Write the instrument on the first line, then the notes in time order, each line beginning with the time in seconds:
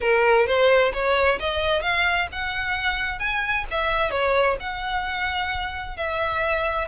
violin
0.01 A#4
0.46 C5
0.93 C#5
1.39 D#5
1.82 F5
2.32 F#5
3.19 G#5
3.70 E5
4.11 C#5
4.60 F#5
5.97 E5